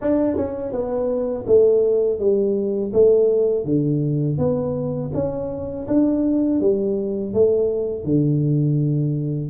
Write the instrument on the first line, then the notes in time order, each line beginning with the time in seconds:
tuba
0.01 D4
0.36 C#4
0.72 B3
1.46 A3
2.19 G3
2.93 A3
3.65 D3
4.37 B3
5.14 C#4
5.87 D4
6.60 G3
7.33 A3
8.04 D3